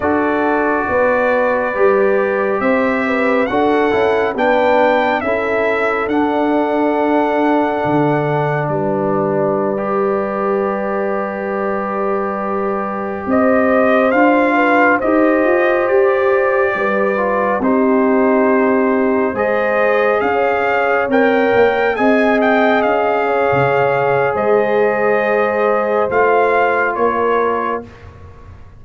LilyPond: <<
  \new Staff \with { instrumentName = "trumpet" } { \time 4/4 \tempo 4 = 69 d''2. e''4 | fis''4 g''4 e''4 fis''4~ | fis''2 d''2~ | d''2.~ d''16 dis''8.~ |
dis''16 f''4 dis''4 d''4.~ d''16~ | d''16 c''2 dis''4 f''8.~ | f''16 g''4 gis''8 g''8 f''4.~ f''16 | dis''2 f''4 cis''4 | }
  \new Staff \with { instrumentName = "horn" } { \time 4/4 a'4 b'2 c''8 b'8 | a'4 b'4 a'2~ | a'2 b'2~ | b'2.~ b'16 c''8.~ |
c''8. b'8 c''2 b'8.~ | b'16 g'2 c''4 cis''8.~ | cis''4~ cis''16 dis''4. cis''4~ cis''16 | c''2. ais'4 | }
  \new Staff \with { instrumentName = "trombone" } { \time 4/4 fis'2 g'2 | fis'8 e'8 d'4 e'4 d'4~ | d'2.~ d'16 g'8.~ | g'1~ |
g'16 f'4 g'2~ g'8 f'16~ | f'16 dis'2 gis'4.~ gis'16~ | gis'16 ais'4 gis'2~ gis'8.~ | gis'2 f'2 | }
  \new Staff \with { instrumentName = "tuba" } { \time 4/4 d'4 b4 g4 c'4 | d'8 cis'8 b4 cis'4 d'4~ | d'4 d4 g2~ | g2.~ g16 c'8.~ |
c'16 d'4 dis'8 f'8 g'4 g8.~ | g16 c'2 gis4 cis'8.~ | cis'16 c'8 ais8 c'4 cis'8. cis4 | gis2 a4 ais4 | }
>>